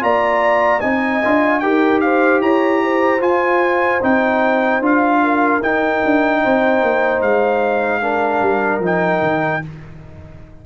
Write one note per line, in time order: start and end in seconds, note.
0.00 0.83 A#3
0.00 0.80 F4
0.00 0.81 D5
0.00 0.80 A#5
0.80 1.23 C4
0.80 1.22 D#4
0.80 1.61 D#5
0.80 1.60 G#5
1.24 1.62 D4
1.24 1.62 F4
1.60 2.41 D#4
1.60 3.21 G4
1.60 2.02 A#4
1.60 2.00 G5
2.00 2.42 C5
2.00 2.40 F5
2.41 3.21 E4
2.41 2.82 C#5
2.41 3.22 A#5
2.84 5.23 C5
3.21 4.00 F4
3.21 4.01 F4
3.21 4.02 G#5
4.02 4.80 C4
4.02 4.82 D#4
4.02 4.83 G5
4.80 5.60 D4
4.80 5.62 F4
4.80 5.62 F5
5.23 6.42 A#4
5.62 6.02 D#4
5.62 8.02 D#4
5.62 7.22 G5
6.05 6.45 D4
6.42 6.82 C4
6.42 8.01 C5
6.82 7.22 A#3
7.22 8.41 G#3
7.22 8.82 F5
8.01 8.82 D4
8.01 9.61 A#4
8.41 8.79 G3
8.79 9.20 F3
8.79 9.62 D#4
8.86 9.66 G5
9.22 9.62 D#3